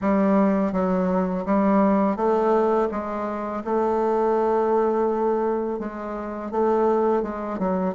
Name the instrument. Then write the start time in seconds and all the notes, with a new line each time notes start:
bassoon
0.01 G3
0.72 F#3
1.45 G3
2.16 A3
2.91 G#3
3.64 A3
5.79 G#3
6.51 A3
7.22 G#3
7.59 F#3